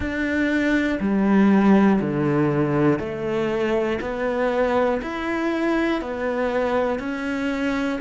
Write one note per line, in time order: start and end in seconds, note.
0.00 0.98 D4
1.00 2.00 G3
2.00 2.99 D3
2.99 3.99 A3
4.00 5.00 B3
5.02 6.00 E4
6.00 6.99 B3
6.99 7.99 C#4